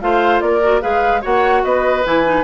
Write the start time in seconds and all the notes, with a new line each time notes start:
0.00 A3 F4 C5 F5
0.40 A#3 A#4 D5
0.62 F#4
0.81 G#3 G#4 B4 F5
1.21 A#3 F#4 C#5 F#5
1.64 B3 B4 D#5
2.04 E3 E4 G#5
2.25 D#4